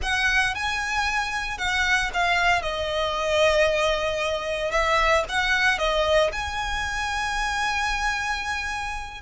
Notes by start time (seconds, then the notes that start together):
0.02 F#5
0.55 G#5
1.58 F#5
2.13 F5
2.62 D#5
4.71 E5
5.28 F#5
5.78 D#5
6.32 G#5